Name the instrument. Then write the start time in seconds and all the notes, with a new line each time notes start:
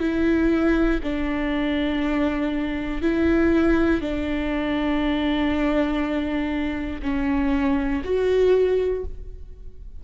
viola
0.00 E4
1.03 D4
3.01 E4
4.01 D4
7.02 C#4
8.04 F#4